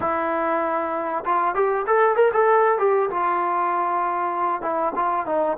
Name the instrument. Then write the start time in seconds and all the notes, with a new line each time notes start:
trombone
0.00 E4
1.25 F4
1.54 G4
1.86 A4
2.16 A#4
2.33 A4
2.78 G4
3.10 F4
4.61 E4
4.95 F4
5.26 D#4